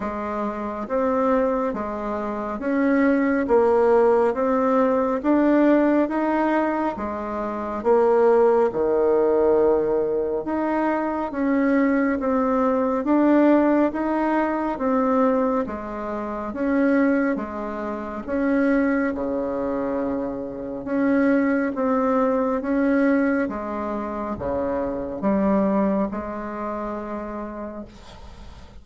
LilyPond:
\new Staff \with { instrumentName = "bassoon" } { \time 4/4 \tempo 4 = 69 gis4 c'4 gis4 cis'4 | ais4 c'4 d'4 dis'4 | gis4 ais4 dis2 | dis'4 cis'4 c'4 d'4 |
dis'4 c'4 gis4 cis'4 | gis4 cis'4 cis2 | cis'4 c'4 cis'4 gis4 | cis4 g4 gis2 | }